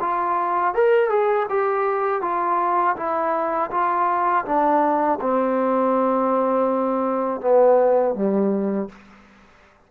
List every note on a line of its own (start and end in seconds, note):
0.00 0.74 F4
0.74 1.09 A#4
1.09 1.46 G#4
1.49 2.22 G4
2.22 2.96 F4
2.96 3.70 E4
3.70 4.44 F4
4.45 5.19 D4
5.21 7.40 C4
7.40 8.14 B3
8.14 8.89 G3